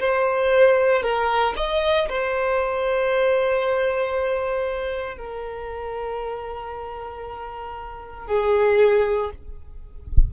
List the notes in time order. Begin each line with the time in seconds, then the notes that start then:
0.00 C5
1.03 A#4
1.57 D#5
2.09 C5
5.18 A#4
8.27 G#4